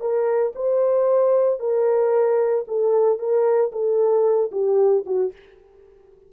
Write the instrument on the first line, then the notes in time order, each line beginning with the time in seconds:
horn
0.00 A#4
0.55 C5
1.59 A#4
2.67 A4
3.18 A#4
3.72 A4
4.51 G4
5.06 F#4